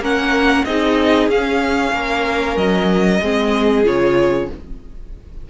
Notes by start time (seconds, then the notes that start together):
0.00 A#3 C#4 A#4 F#5
0.65 C4 D#4 G#4 D#5
1.28 C#4 F5
1.93 A#3 A#4
2.56 F#3 D#5
3.21 G#3 C4 G#4
3.84 C#3 F4 C#5